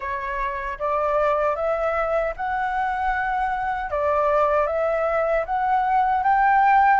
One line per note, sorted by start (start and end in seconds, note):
0.00 0.78 C#5
0.78 1.55 D5
1.55 2.33 E5
2.36 3.90 F#5
3.90 4.66 D5
4.66 5.44 E5
5.45 6.23 F#5
6.23 7.00 G5